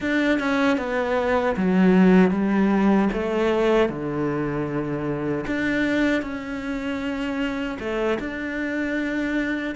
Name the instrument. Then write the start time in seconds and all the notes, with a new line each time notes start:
cello
0.00 D4
0.39 C#4
0.77 B3
1.57 F#3
2.31 G3
3.12 A3
3.89 D3
5.47 D4
6.22 C#4
7.79 A3
8.19 D4